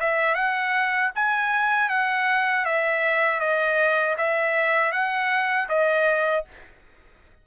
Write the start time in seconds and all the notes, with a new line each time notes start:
0.00 E5
0.35 F#5
1.15 G#5
1.89 F#5
2.65 E5
3.40 D#5
4.17 E5
4.92 F#5
5.69 D#5